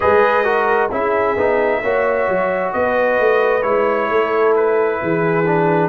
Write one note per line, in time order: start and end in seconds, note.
0.00 0.91 G#3
0.00 0.44 G#4
0.00 0.43 B4
0.00 0.90 D#5
0.43 0.89 F#4
0.43 0.89 A#4
0.89 1.36 C#4
0.89 1.37 E4
0.89 1.80 G#4
0.89 2.72 E5
1.37 1.82 B3
1.37 1.83 D#4
1.82 2.27 A#3
1.82 3.62 F#4
1.82 2.73 C#5
2.27 2.73 F#3
2.72 3.19 B3
2.72 4.10 B4
2.72 3.62 D#5
3.19 3.64 A3
3.62 4.09 G#3
3.62 5.44 E4
3.62 4.53 C#5
4.09 5.00 A3
4.09 5.00 A4
4.55 5.89 B4
5.00 5.89 E3
5.00 5.89 G#4
5.46 5.89 D4